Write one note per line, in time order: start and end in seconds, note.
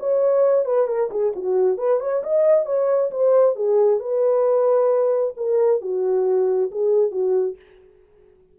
0.00 0.66 C#5
0.66 0.88 B4
0.88 1.10 A#4
1.11 1.34 G#4
1.36 1.78 F#4
1.78 2.00 B4
2.00 2.23 C#5
2.24 2.66 D#5
2.66 3.11 C#5
3.11 3.56 C5
3.56 4.00 G#4
4.00 5.34 B4
5.37 5.82 A#4
5.82 6.71 F#4
6.72 7.12 G#4
7.12 7.57 F#4